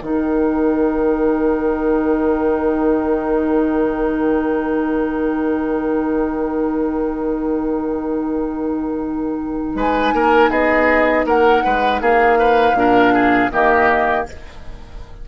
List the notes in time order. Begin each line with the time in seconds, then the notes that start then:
0.00 D#3 D#4 A#4 G5
9.75 G#3 B4 G#5
10.13 A#3 A#4
10.50 B3 G#4 D#5
11.25 A#3 A#4 F#5
11.64 G#3 B4
12.01 A#3 G#4 F5
12.39 B4
12.73 A#2 D4 A#4
13.14 G#4
13.51 D#3 A#3 G4 D#5